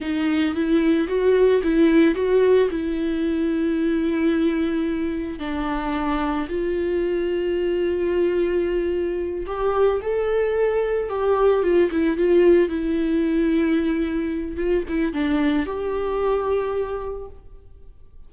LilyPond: \new Staff \with { instrumentName = "viola" } { \time 4/4 \tempo 4 = 111 dis'4 e'4 fis'4 e'4 | fis'4 e'2.~ | e'2 d'2 | f'1~ |
f'4. g'4 a'4.~ | a'8 g'4 f'8 e'8 f'4 e'8~ | e'2. f'8 e'8 | d'4 g'2. | }